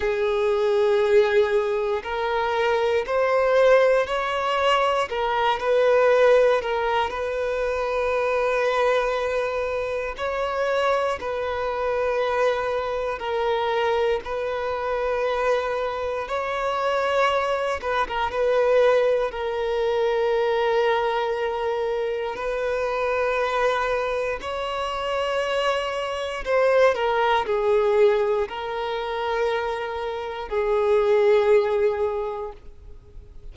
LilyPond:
\new Staff \with { instrumentName = "violin" } { \time 4/4 \tempo 4 = 59 gis'2 ais'4 c''4 | cis''4 ais'8 b'4 ais'8 b'4~ | b'2 cis''4 b'4~ | b'4 ais'4 b'2 |
cis''4. b'16 ais'16 b'4 ais'4~ | ais'2 b'2 | cis''2 c''8 ais'8 gis'4 | ais'2 gis'2 | }